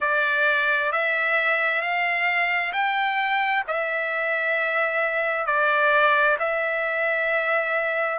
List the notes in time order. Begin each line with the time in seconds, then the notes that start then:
0.00 D5
0.92 E5
1.81 F5
2.73 G5
3.67 E5
5.46 D5
6.39 E5